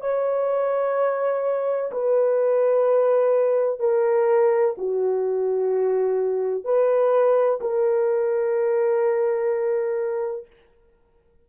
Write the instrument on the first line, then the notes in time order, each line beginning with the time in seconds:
horn
0.00 C#5
1.91 B4
3.79 A#4
4.77 F#4
6.64 B4
7.61 A#4